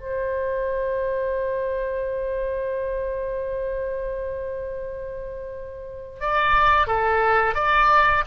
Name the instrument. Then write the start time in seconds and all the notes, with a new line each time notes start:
oboe
0.00 C5
6.21 D5
6.87 A4
7.55 D5